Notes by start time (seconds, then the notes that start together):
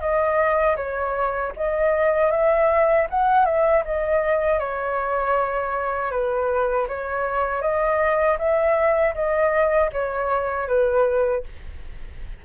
0.00 D#5
0.76 C#5
1.56 D#5
2.31 E5
3.10 F#5
3.45 E5
3.85 D#5
4.59 C#5
6.11 B4
6.88 C#5
7.61 D#5
8.38 E5
9.14 D#5
9.92 C#5
10.68 B4